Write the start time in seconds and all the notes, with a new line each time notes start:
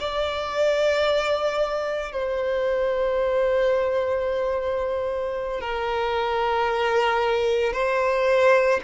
0.00 D5
2.12 C5
5.61 A#4
7.73 C5